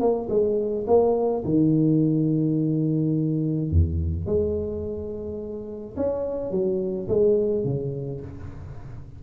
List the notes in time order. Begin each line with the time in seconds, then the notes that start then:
0.00 A#3
0.29 G#3
0.87 A#3
1.45 D#3
3.71 E2
4.26 G#3
5.96 C#4
6.51 F#3
7.08 G#3
7.64 C#3